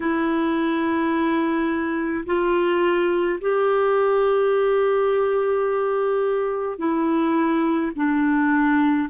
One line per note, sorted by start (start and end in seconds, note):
0.00 2.24 E4
2.26 3.39 F4
3.40 6.78 G4
6.78 7.91 E4
7.95 9.08 D4